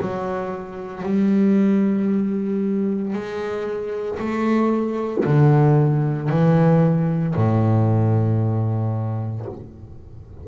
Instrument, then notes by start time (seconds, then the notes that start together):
double bass
0.00 F#3
1.03 G3
3.13 G#3
4.19 A3
5.24 D3
6.29 E3
7.35 A2